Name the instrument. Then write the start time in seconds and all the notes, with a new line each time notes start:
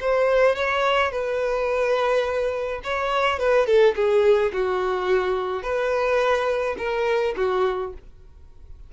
violin
0.00 C5
0.55 C#5
1.11 B4
2.83 C#5
3.39 B4
3.66 A4
3.95 G#4
4.52 F#4
5.62 B4
6.78 A#4
7.36 F#4